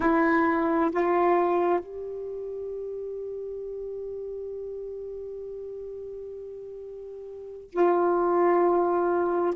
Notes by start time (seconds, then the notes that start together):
0.00 E4
0.91 F4
1.79 G4
7.72 F4